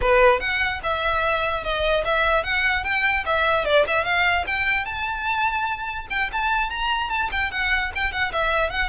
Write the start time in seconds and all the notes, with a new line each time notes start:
0.01 B4
0.39 F#5
0.83 E5
1.63 D#5
2.04 E5
2.43 F#5
2.84 G5
3.25 E5
3.64 D5
3.87 E5
4.04 F5
4.46 G5
4.85 A5
6.10 G5
6.32 A5
6.70 A#5
7.09 A5
7.31 G5
7.51 F#5
7.95 G5
8.12 F#5
8.32 E5
8.69 F#5